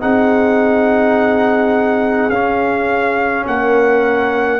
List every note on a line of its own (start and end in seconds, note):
0.00 2.29 C4
0.00 2.31 D#4
0.00 3.46 G#4
0.00 2.30 F#5
2.29 3.44 C#4
2.29 4.60 C#4
2.29 3.45 F5
3.46 4.60 A#3
3.46 4.60 A#4
3.46 4.60 F#5